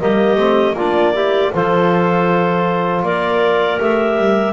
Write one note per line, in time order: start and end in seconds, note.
0.00 0.36 G3
0.00 0.37 A#3
0.00 0.76 G4
0.00 0.77 D#5
0.36 0.74 A3
0.36 0.75 C4
0.74 1.50 A#3
0.74 1.16 D4
0.74 1.14 F4
0.74 1.54 D5
1.14 1.53 E4
1.14 1.52 G4
1.55 3.03 F3
1.55 3.80 F4
1.55 3.05 A4
1.55 3.05 C5
3.03 3.79 A#3
3.03 4.53 A#4
3.03 3.81 D5
3.80 4.18 A3
3.80 4.53 G4
3.80 4.53 E5
4.18 4.53 G3